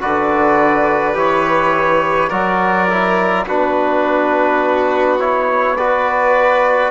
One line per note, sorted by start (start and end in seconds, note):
0.00 1.14 D3
0.00 1.13 F#4
0.00 2.29 B4
0.00 1.17 D5
1.13 2.30 E3
1.13 2.29 G4
1.13 2.29 C#5
2.29 3.46 F#3
2.29 2.88 F#4
2.29 3.44 A#4
2.29 3.44 D5
2.88 3.46 E4
3.46 6.90 B3
3.46 5.19 D4
3.46 5.77 F#4
3.46 5.19 B4
5.19 5.76 E4
5.19 5.76 C#5
5.76 6.90 F#4
5.76 6.90 B4
5.76 6.90 D5